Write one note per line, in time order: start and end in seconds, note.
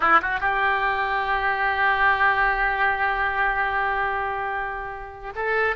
0.00 0.20 E4
0.22 0.40 F#4
0.40 5.33 G4
5.35 5.76 A4